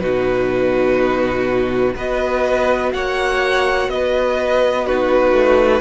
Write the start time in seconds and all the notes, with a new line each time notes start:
0.00 B2 D#4 F#4 B4
1.95 B3 F#4 B4 D#5
2.93 A#3 C#5 F#5
3.88 B3 D#5
3.94 B4
4.86 D#4 F#4 B4
5.32 A3